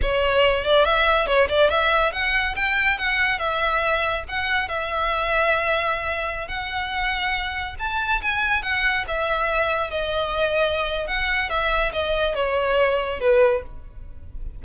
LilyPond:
\new Staff \with { instrumentName = "violin" } { \time 4/4 \tempo 4 = 141 cis''4. d''8 e''4 cis''8 d''8 | e''4 fis''4 g''4 fis''4 | e''2 fis''4 e''4~ | e''2.~ e''16 fis''8.~ |
fis''2~ fis''16 a''4 gis''8.~ | gis''16 fis''4 e''2 dis''8.~ | dis''2 fis''4 e''4 | dis''4 cis''2 b'4 | }